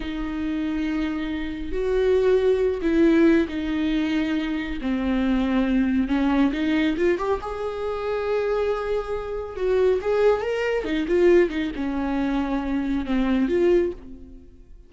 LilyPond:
\new Staff \with { instrumentName = "viola" } { \time 4/4 \tempo 4 = 138 dis'1 | fis'2~ fis'8 e'4. | dis'2. c'4~ | c'2 cis'4 dis'4 |
f'8 g'8 gis'2.~ | gis'2 fis'4 gis'4 | ais'4 dis'8 f'4 dis'8 cis'4~ | cis'2 c'4 f'4 | }